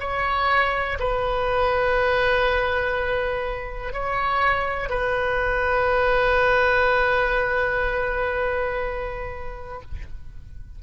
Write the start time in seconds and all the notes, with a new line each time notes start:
0.00 C#5
1.00 B4
3.93 C#5
4.90 B4